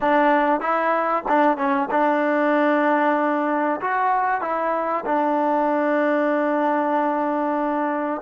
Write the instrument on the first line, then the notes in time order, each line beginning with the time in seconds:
trombone
0.00 D4
0.60 E4
1.28 D4
1.57 C#4
1.90 D4
3.81 F#4
4.41 E4
5.05 D4